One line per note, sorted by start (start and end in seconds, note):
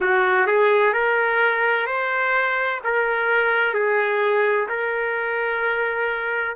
0.00 0.46 F#4
0.46 0.93 G#4
0.93 1.86 A#4
1.86 2.80 C5
2.84 3.74 A#4
3.74 4.67 G#4
4.69 6.56 A#4